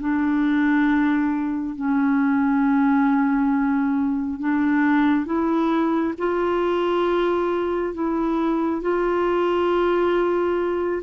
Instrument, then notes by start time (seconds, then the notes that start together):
clarinet
0.00 D4
1.76 C#4
4.40 D4
5.25 E4
6.18 F4
7.94 E4
8.82 F4